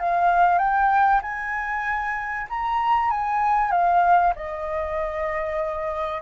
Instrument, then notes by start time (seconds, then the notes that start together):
flute
0.00 F5
0.59 G5
1.22 G#5
2.50 A#5
3.11 G#5
3.72 F5
4.36 D#5